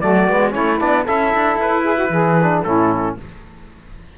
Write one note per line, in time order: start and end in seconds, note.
0.00 0.28 F#3
0.00 0.28 A3
0.00 0.52 F#4
0.00 0.53 D5
0.28 0.55 G#3
0.28 0.50 B3
0.50 0.80 A3
0.50 0.76 C#4
0.50 1.04 E4
0.50 0.79 C#5
0.79 1.07 B3
0.79 1.06 D4
0.79 1.06 D5
1.04 1.34 C#4
1.04 2.39 E4
1.04 1.83 A4
1.04 1.60 E5
1.35 1.56 D4
1.56 2.08 E4
1.56 2.63 B4
1.84 1.95 G#4
1.95 2.08 F#4
2.09 2.62 E3
2.09 2.64 G#4
2.42 2.65 D4
2.63 3.17 A2
2.63 3.18 C#4
2.63 3.17 E4
2.63 3.16 A4